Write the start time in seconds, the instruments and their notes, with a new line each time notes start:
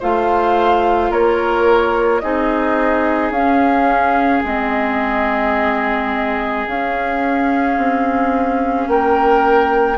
0.00 bassoon A3, clarinet F4, oboe C5, flute F5
1.11 bassoon A#3, oboe A#4, flute C#5
2.20 bassoon C4, clarinet D#4, oboe G#4, flute D#5
3.31 bassoon C#4, clarinet C#4, flute F5
4.45 bassoon G#3, clarinet C4, flute D#5
6.68 bassoon C#4, clarinet C#4, flute F5
7.78 bassoon C4
8.88 bassoon A#3, oboe A#4, flute G5